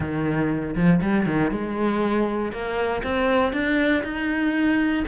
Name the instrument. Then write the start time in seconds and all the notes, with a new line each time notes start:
cello
0.00 D#3
0.75 F3
1.01 G3
1.26 D#3
1.51 G#3
2.52 A#3
3.03 C4
3.52 D4
4.03 D#4